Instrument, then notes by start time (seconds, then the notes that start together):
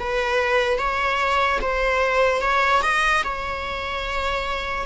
viola
0.00 B4
0.79 C#5
1.62 C5
2.42 C#5
2.83 D#5
3.24 C#5